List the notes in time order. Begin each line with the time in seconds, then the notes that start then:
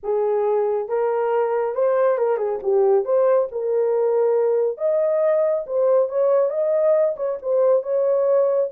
0.03 G#4
0.88 A#4
1.75 C5
2.18 A#4
2.37 G#4
2.62 G4
3.04 C5
3.51 A#4
4.77 D#5
5.66 C5
6.08 C#5
6.50 D#5
7.16 C#5
7.42 C5
7.83 C#5